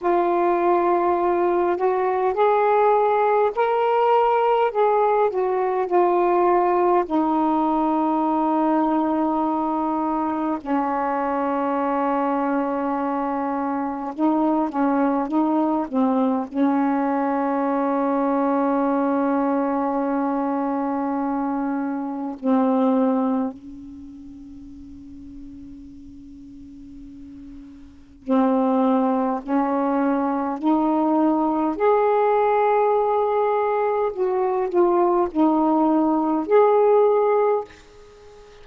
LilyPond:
\new Staff \with { instrumentName = "saxophone" } { \time 4/4 \tempo 4 = 51 f'4. fis'8 gis'4 ais'4 | gis'8 fis'8 f'4 dis'2~ | dis'4 cis'2. | dis'8 cis'8 dis'8 c'8 cis'2~ |
cis'2. c'4 | cis'1 | c'4 cis'4 dis'4 gis'4~ | gis'4 fis'8 f'8 dis'4 gis'4 | }